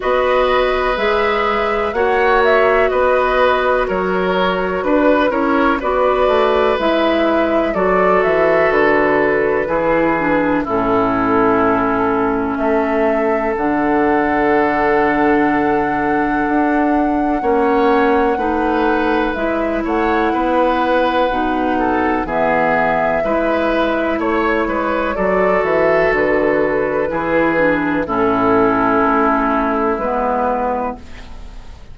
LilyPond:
<<
  \new Staff \with { instrumentName = "flute" } { \time 4/4 \tempo 4 = 62 dis''4 e''4 fis''8 e''8 dis''4 | cis''4 b'8 cis''8 d''4 e''4 | d''8 e''8 b'2 a'4~ | a'4 e''4 fis''2~ |
fis''1 | e''8 fis''2~ fis''8 e''4~ | e''4 cis''4 d''8 e''8 b'4~ | b'4 a'2 b'4 | }
  \new Staff \with { instrumentName = "oboe" } { \time 4/4 b'2 cis''4 b'4 | ais'4 b'8 ais'8 b'2 | a'2 gis'4 e'4~ | e'4 a'2.~ |
a'2 cis''4 b'4~ | b'8 cis''8 b'4. a'8 gis'4 | b'4 cis''8 b'8 a'2 | gis'4 e'2. | }
  \new Staff \with { instrumentName = "clarinet" } { \time 4/4 fis'4 gis'4 fis'2~ | fis'4. e'8 fis'4 e'4 | fis'2 e'8 d'8 cis'4~ | cis'2 d'2~ |
d'2 cis'4 dis'4 | e'2 dis'4 b4 | e'2 fis'2 | e'8 d'8 cis'2 b4 | }
  \new Staff \with { instrumentName = "bassoon" } { \time 4/4 b4 gis4 ais4 b4 | fis4 d'8 cis'8 b8 a8 gis4 | fis8 e8 d4 e4 a,4~ | a,4 a4 d2~ |
d4 d'4 ais4 a4 | gis8 a8 b4 b,4 e4 | gis4 a8 gis8 fis8 e8 d4 | e4 a,4 a4 gis4 | }
>>